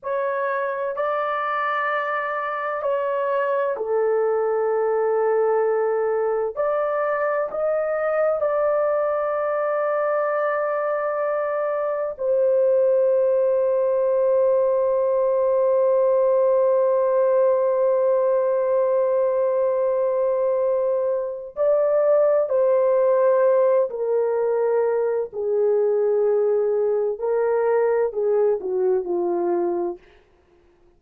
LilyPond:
\new Staff \with { instrumentName = "horn" } { \time 4/4 \tempo 4 = 64 cis''4 d''2 cis''4 | a'2. d''4 | dis''4 d''2.~ | d''4 c''2.~ |
c''1~ | c''2. d''4 | c''4. ais'4. gis'4~ | gis'4 ais'4 gis'8 fis'8 f'4 | }